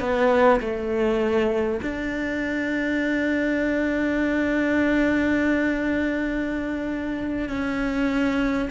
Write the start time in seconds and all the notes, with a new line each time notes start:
0.00 B3
0.61 A3
1.82 D4
7.49 C#4